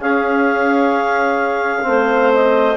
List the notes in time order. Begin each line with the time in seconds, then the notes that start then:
0.00 C#4 G#4 F5
1.82 A3 C4
1.89 C5
2.33 D#5